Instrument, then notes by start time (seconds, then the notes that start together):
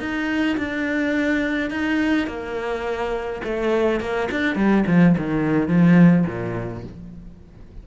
cello
0.00 D#4
0.57 D4
1.71 D#4
2.28 A#3
3.44 A3
4.01 A#3
4.31 D4
4.56 G3
4.87 F3
5.18 D#3
5.68 F3
6.26 A#2